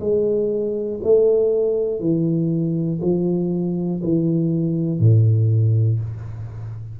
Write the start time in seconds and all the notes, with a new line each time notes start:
0.00 G#3
1.03 A3
2.00 E3
3.01 F3
4.03 E3
5.00 A2